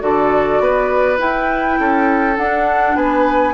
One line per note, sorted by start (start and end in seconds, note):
0.00 0.60 D3
0.00 1.17 F#4
0.00 0.63 A4
0.00 1.19 D5
0.60 1.19 B3
0.60 1.80 B4
1.17 2.35 E4
1.17 1.79 E4
1.17 2.37 G5
1.79 2.38 C#4
1.79 2.97 A4
2.37 2.96 D4
2.37 3.55 D4
2.37 2.96 F#5
2.96 3.55 B3
2.96 3.55 B4
2.96 3.55 G#5